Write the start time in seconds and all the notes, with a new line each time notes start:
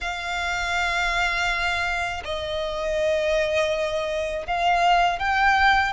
0.00 F5
2.24 D#5
4.46 F5
5.19 G5